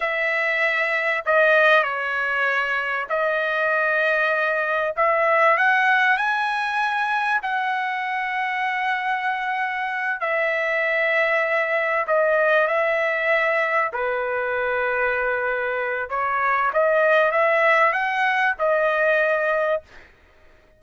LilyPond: \new Staff \with { instrumentName = "trumpet" } { \time 4/4 \tempo 4 = 97 e''2 dis''4 cis''4~ | cis''4 dis''2. | e''4 fis''4 gis''2 | fis''1~ |
fis''8 e''2. dis''8~ | dis''8 e''2 b'4.~ | b'2 cis''4 dis''4 | e''4 fis''4 dis''2 | }